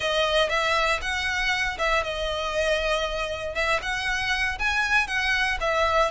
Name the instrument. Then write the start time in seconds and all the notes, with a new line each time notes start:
violin
0.00 D#5
0.49 E5
1.01 F#5
1.78 E5
2.03 D#5
3.54 E5
3.82 F#5
4.58 G#5
5.07 F#5
5.60 E5